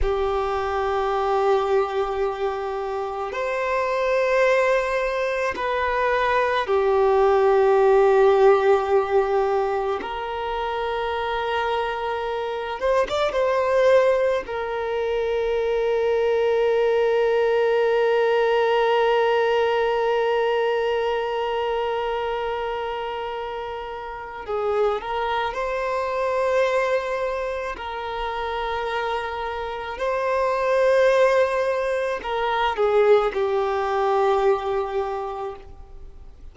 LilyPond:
\new Staff \with { instrumentName = "violin" } { \time 4/4 \tempo 4 = 54 g'2. c''4~ | c''4 b'4 g'2~ | g'4 ais'2~ ais'8 c''16 d''16 | c''4 ais'2.~ |
ais'1~ | ais'2 gis'8 ais'8 c''4~ | c''4 ais'2 c''4~ | c''4 ais'8 gis'8 g'2 | }